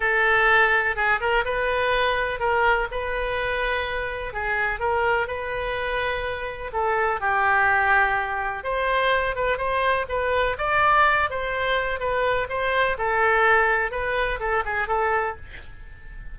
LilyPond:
\new Staff \with { instrumentName = "oboe" } { \time 4/4 \tempo 4 = 125 a'2 gis'8 ais'8 b'4~ | b'4 ais'4 b'2~ | b'4 gis'4 ais'4 b'4~ | b'2 a'4 g'4~ |
g'2 c''4. b'8 | c''4 b'4 d''4. c''8~ | c''4 b'4 c''4 a'4~ | a'4 b'4 a'8 gis'8 a'4 | }